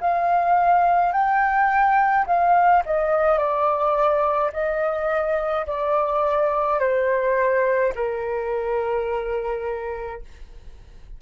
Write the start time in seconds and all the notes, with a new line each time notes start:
0.00 F5
1.12 G5
2.26 F5
2.86 D#5
3.38 D5
4.53 D#5
5.66 D5
6.79 C5
7.95 A#4